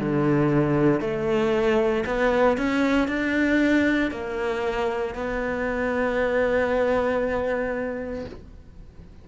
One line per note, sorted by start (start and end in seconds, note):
0.00 1.01 D3
1.01 2.05 A3
2.06 2.58 B3
2.58 3.08 C#4
3.08 4.11 D4
4.11 5.15 A#3
5.15 8.26 B3